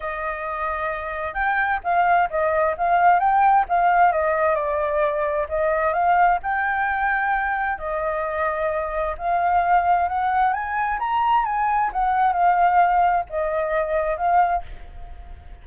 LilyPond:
\new Staff \with { instrumentName = "flute" } { \time 4/4 \tempo 4 = 131 dis''2. g''4 | f''4 dis''4 f''4 g''4 | f''4 dis''4 d''2 | dis''4 f''4 g''2~ |
g''4 dis''2. | f''2 fis''4 gis''4 | ais''4 gis''4 fis''4 f''4~ | f''4 dis''2 f''4 | }